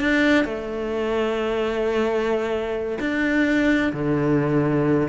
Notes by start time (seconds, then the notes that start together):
0.00 D4
0.45 A3
3.00 D4
3.93 D3